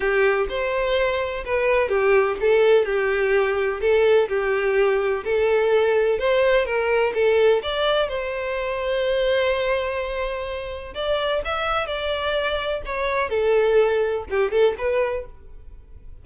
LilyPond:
\new Staff \with { instrumentName = "violin" } { \time 4/4 \tempo 4 = 126 g'4 c''2 b'4 | g'4 a'4 g'2 | a'4 g'2 a'4~ | a'4 c''4 ais'4 a'4 |
d''4 c''2.~ | c''2. d''4 | e''4 d''2 cis''4 | a'2 g'8 a'8 b'4 | }